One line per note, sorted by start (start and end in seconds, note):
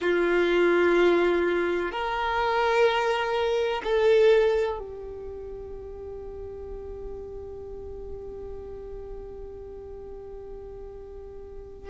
0.01 1.91 F4
1.91 3.81 A#4
3.83 4.78 A4
4.78 11.89 G4